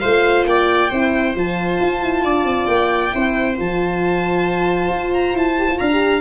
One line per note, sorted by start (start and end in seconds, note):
0.00 0.46 A3
0.00 0.91 F4
0.00 0.46 C5
0.00 0.44 F5
0.46 0.90 A#3
0.46 0.90 D5
0.46 1.36 G5
0.90 1.36 C4
0.90 1.35 E4
0.90 2.23 C5
1.35 1.80 F3
1.35 3.11 F4
1.35 2.67 A5
1.81 2.03 F4
2.03 2.24 E4
2.24 2.45 D4
2.24 3.13 D5
2.45 2.67 C4
2.67 3.12 A#3
2.67 3.55 G5
3.11 3.59 C4
3.11 3.56 E4
3.11 5.80 C5
3.57 4.90 F3
3.57 5.57 F4
3.57 5.14 A5
4.90 5.34 F4
5.14 5.36 A#5
5.34 5.78 E4
5.34 5.79 A5
5.58 5.69 G4
5.69 5.92 F4
5.79 6.21 D4
5.79 6.21 F5
5.79 6.21 A#5
5.92 6.21 G4